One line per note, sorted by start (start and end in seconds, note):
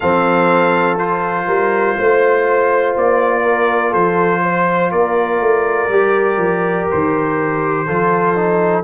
0.00 1.47 F3
0.00 0.98 C4
0.00 1.46 A4
0.00 0.96 F5
0.98 5.90 F4
0.98 2.95 C5
1.46 1.96 G3
1.46 1.95 A#4
1.97 2.95 A3
1.97 3.42 C5
2.96 3.94 A#3
2.96 3.93 D5
3.42 3.90 A#4
3.90 4.92 F3
3.90 4.39 A4
3.90 4.91 C5
4.42 4.91 C5
4.91 5.40 A#3
4.91 7.85 A#4
4.91 6.88 D5
5.40 5.88 A3
5.88 6.37 G3
5.88 7.87 G4
6.37 6.86 F3
6.91 7.88 D#3
6.91 8.83 C5
7.85 8.83 F3
7.85 8.35 F4
7.85 8.83 A4
8.35 8.83 D#4